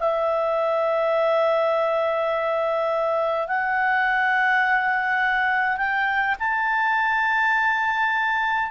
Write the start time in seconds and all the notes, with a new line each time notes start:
0.00 E5
3.48 F#5
5.77 G5
6.39 A5